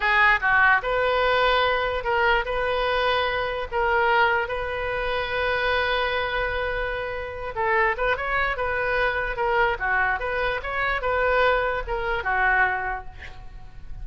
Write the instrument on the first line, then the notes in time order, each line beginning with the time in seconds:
oboe
0.00 G#4
0.40 F#4
0.82 B4
2.04 A#4
2.45 B4
3.71 A#4
4.48 B4
7.55 A4
7.97 B4
8.16 C#5
8.56 B4
9.36 A#4
9.79 F#4
10.19 B4
10.62 C#5
11.01 B4
11.87 A#4
12.23 F#4